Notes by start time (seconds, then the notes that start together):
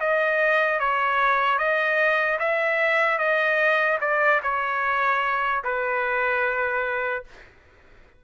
0.00 D#5
0.80 C#5
1.58 D#5
2.39 E5
3.18 D#5
4.01 D5
4.43 C#5
5.64 B4